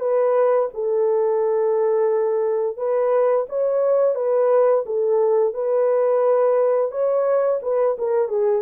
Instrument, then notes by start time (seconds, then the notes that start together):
horn
0.00 B4
0.74 A4
2.77 B4
3.50 C#5
4.15 B4
4.86 A4
5.54 B4
6.92 C#5
7.62 B4
7.98 A#4
8.29 G#4